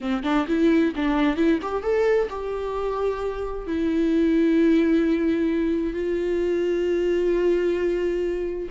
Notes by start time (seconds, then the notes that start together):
0.01 C4
0.23 D4
0.47 E4
0.95 D4
1.36 E4
1.62 G4
1.82 A4
2.29 G4
3.66 E4
5.93 F4